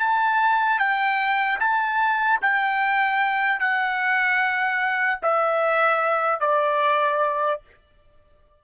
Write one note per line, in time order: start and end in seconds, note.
0.00 0.79 A5
0.79 1.59 G5
1.60 2.40 A5
2.42 3.60 G5
3.60 5.20 F#5
5.23 6.41 E5
6.41 7.61 D5